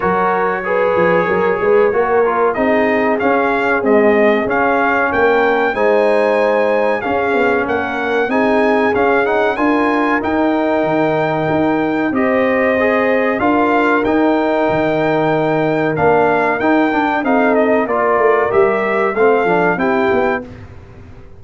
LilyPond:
<<
  \new Staff \with { instrumentName = "trumpet" } { \time 4/4 \tempo 4 = 94 cis''1 | dis''4 f''4 dis''4 f''4 | g''4 gis''2 f''4 | fis''4 gis''4 f''8 fis''8 gis''4 |
g''2. dis''4~ | dis''4 f''4 g''2~ | g''4 f''4 g''4 f''8 dis''8 | d''4 e''4 f''4 g''4 | }
  \new Staff \with { instrumentName = "horn" } { \time 4/4 ais'4 b'4 ais'8 b'8 ais'4 | gis'1 | ais'4 c''2 gis'4 | ais'4 gis'2 ais'4~ |
ais'2. c''4~ | c''4 ais'2.~ | ais'2. a'4 | ais'2 a'4 g'4 | }
  \new Staff \with { instrumentName = "trombone" } { \time 4/4 fis'4 gis'2 fis'8 f'8 | dis'4 cis'4 gis4 cis'4~ | cis'4 dis'2 cis'4~ | cis'4 dis'4 cis'8 dis'8 f'4 |
dis'2. g'4 | gis'4 f'4 dis'2~ | dis'4 d'4 dis'8 d'8 dis'4 | f'4 g'4 c'8 d'8 e'4 | }
  \new Staff \with { instrumentName = "tuba" } { \time 4/4 fis4. f8 fis8 gis8 ais4 | c'4 cis'4 c'4 cis'4 | ais4 gis2 cis'8 b8 | ais4 c'4 cis'4 d'4 |
dis'4 dis4 dis'4 c'4~ | c'4 d'4 dis'4 dis4~ | dis4 ais4 dis'8 d'8 c'4 | ais8 a8 g4 a8 f8 c'8 b8 | }
>>